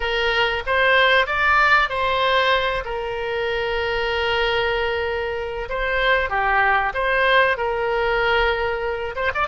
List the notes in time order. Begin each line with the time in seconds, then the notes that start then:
0.00 A#4
0.66 C5
1.26 D5
1.89 C5
2.84 A#4
5.69 C5
6.29 G4
6.94 C5
7.57 A#4
9.16 C5
9.34 D5